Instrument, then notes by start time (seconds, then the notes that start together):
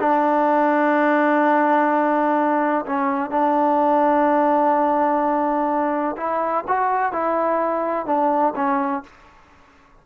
trombone
0.00 D4
2.86 C#4
3.31 D4
6.17 E4
6.68 F#4
7.13 E4
8.06 D4
8.56 C#4